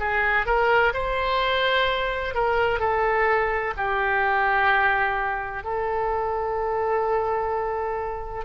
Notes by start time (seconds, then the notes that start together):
0.00 G#4
0.46 A#4
0.94 C5
2.35 A#4
2.80 A4
3.78 G4
5.64 A4